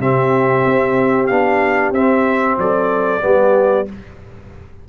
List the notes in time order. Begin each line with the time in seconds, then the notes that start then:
0.00 C3 C4 G4 E5
0.66 C4
1.27 B3 D4 F5
1.92 C4 E5
2.58 F#3 A4 D5
3.21 G3 B3 G4